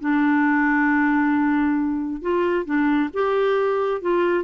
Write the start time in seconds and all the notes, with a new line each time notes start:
0.00 D4
2.22 F4
2.65 D4
3.14 G4
4.01 F4